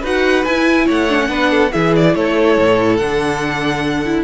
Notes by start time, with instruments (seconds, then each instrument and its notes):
0.00 cello D#4, viola F#4, violin B4 F#5
0.44 cello E4, viola E4, violin G#5
0.85 cello A3, violin C#5 F#5
1.09 viola D4
1.19 viola C#4
1.27 cello B3, viola D4, violin B4
1.50 violin A4
1.72 cello E3, viola E4, violin G#4 E5
1.95 violin D5
2.15 cello A3, violin A4 C#5
2.57 cello A2
2.97 cello D3, viola D4, violin F#5
4.05 viola E4